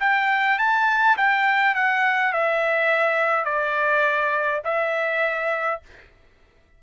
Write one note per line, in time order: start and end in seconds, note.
0.00 0.58 G5
0.59 1.17 A5
1.17 1.75 G5
1.75 2.32 F#5
2.32 3.45 E5
3.45 4.61 D5
4.64 5.81 E5